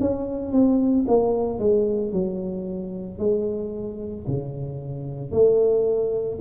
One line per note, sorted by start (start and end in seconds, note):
0.00 0.52 C#4
0.52 1.05 C4
1.08 1.59 A#3
1.59 2.12 G#3
2.12 3.19 F#3
3.19 4.26 G#3
4.27 5.31 C#3
5.31 6.38 A3